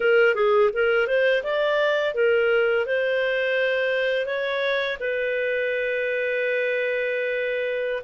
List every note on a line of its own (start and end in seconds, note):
0.00 0.34 A#4
0.34 0.70 G#4
0.73 1.07 A#4
1.07 1.43 C5
1.43 2.14 D5
2.14 2.86 A#4
2.86 4.26 C5
4.26 4.97 C#5
4.99 8.03 B4